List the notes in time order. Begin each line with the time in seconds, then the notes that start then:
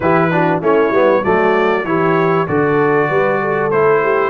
0.00 E3 E4 G4 B4
0.31 D4 F#4
0.61 A3 C#4 E4 C#5
0.90 G3 B3
1.23 F#3 A3 F#4 D5
1.84 E3 E4 G4 C#5
2.47 D3 F#4 A4 D5
3.09 G3 B4
3.41 A4
3.70 A3 E4 C5
4.02 G4